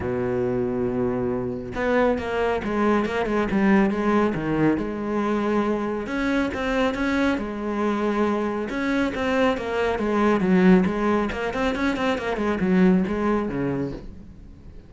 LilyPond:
\new Staff \with { instrumentName = "cello" } { \time 4/4 \tempo 4 = 138 b,1 | b4 ais4 gis4 ais8 gis8 | g4 gis4 dis4 gis4~ | gis2 cis'4 c'4 |
cis'4 gis2. | cis'4 c'4 ais4 gis4 | fis4 gis4 ais8 c'8 cis'8 c'8 | ais8 gis8 fis4 gis4 cis4 | }